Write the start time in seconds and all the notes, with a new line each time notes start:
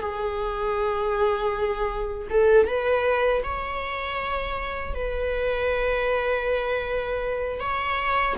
0.00 G#4
2.30 A4
2.67 B4
3.43 C#5
4.94 B4
7.59 C#5